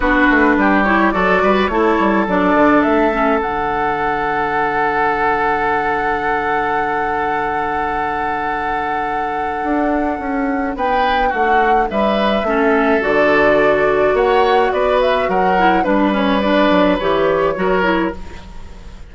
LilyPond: <<
  \new Staff \with { instrumentName = "flute" } { \time 4/4 \tempo 4 = 106 b'4. cis''8 d''4 cis''4 | d''4 e''4 fis''2~ | fis''1~ | fis''1~ |
fis''2. g''4 | fis''4 e''2 d''4~ | d''4 fis''4 d''8 e''8 fis''4 | b'8 cis''8 d''4 cis''2 | }
  \new Staff \with { instrumentName = "oboe" } { \time 4/4 fis'4 g'4 a'8 b'8 a'4~ | a'1~ | a'1~ | a'1~ |
a'2. b'4 | fis'4 b'4 a'2~ | a'4 cis''4 b'4 ais'4 | b'2. ais'4 | }
  \new Staff \with { instrumentName = "clarinet" } { \time 4/4 d'4. e'8 fis'4 e'4 | d'4. cis'8 d'2~ | d'1~ | d'1~ |
d'1~ | d'2 cis'4 fis'4~ | fis'2.~ fis'8 e'8 | d'8 cis'8 d'4 g'4 fis'8 e'8 | }
  \new Staff \with { instrumentName = "bassoon" } { \time 4/4 b8 a8 g4 fis8 g8 a8 g8 | fis8 d8 a4 d2~ | d1~ | d1~ |
d4 d'4 cis'4 b4 | a4 g4 a4 d4~ | d4 ais4 b4 fis4 | g4. fis8 e4 fis4 | }
>>